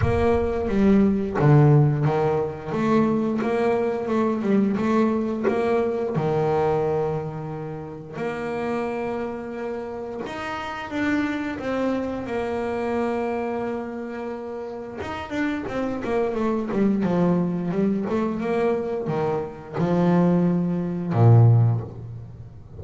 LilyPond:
\new Staff \with { instrumentName = "double bass" } { \time 4/4 \tempo 4 = 88 ais4 g4 d4 dis4 | a4 ais4 a8 g8 a4 | ais4 dis2. | ais2. dis'4 |
d'4 c'4 ais2~ | ais2 dis'8 d'8 c'8 ais8 | a8 g8 f4 g8 a8 ais4 | dis4 f2 ais,4 | }